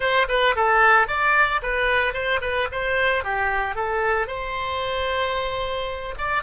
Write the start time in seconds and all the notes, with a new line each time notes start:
0.00 C5
0.28 B4
0.55 A4
1.07 D5
1.62 B4
2.13 C5
2.41 B4
2.71 C5
3.24 G4
3.75 A4
4.27 C5
6.18 D5